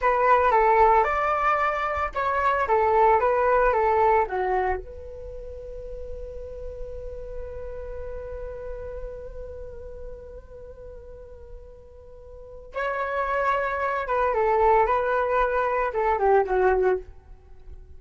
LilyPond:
\new Staff \with { instrumentName = "flute" } { \time 4/4 \tempo 4 = 113 b'4 a'4 d''2 | cis''4 a'4 b'4 a'4 | fis'4 b'2.~ | b'1~ |
b'1~ | b'1 | cis''2~ cis''8 b'8 a'4 | b'2 a'8 g'8 fis'4 | }